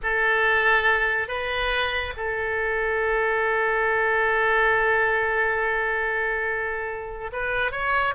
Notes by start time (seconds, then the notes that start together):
0.03 A4
1.28 B4
2.16 A4
7.32 B4
7.71 C#5